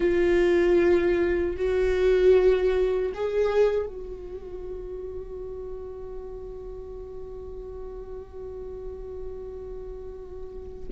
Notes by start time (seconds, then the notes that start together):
0.00 F4
1.56 F#4
3.14 G#4
3.86 F#4